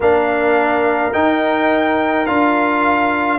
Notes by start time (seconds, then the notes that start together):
0.00 A#3 D4 A#4 F5
1.12 D#4 G5
2.26 D4 F4 F5